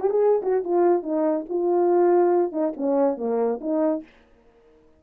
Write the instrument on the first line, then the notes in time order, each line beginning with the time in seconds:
horn
0.00 G4
0.10 G#4
0.42 F#4
0.64 F4
1.03 D#4
1.49 F4
2.52 D#4
2.77 C#4
3.17 A#3
3.61 D#4